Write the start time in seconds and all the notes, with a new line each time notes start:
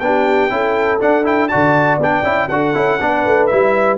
0.00 B3 D4 G4 G5
0.50 C#4 E4 A4
1.00 D4 F#5
1.24 E4 G5
1.48 F#4 D5 A5
1.55 D3
1.98 B3 D4 G5
2.23 C#4 E4
2.49 D4 F#4 A4 F#5
2.75 C#4 E4
3.01 B3 D4 B4
3.26 A3
3.47 G3 E4 E5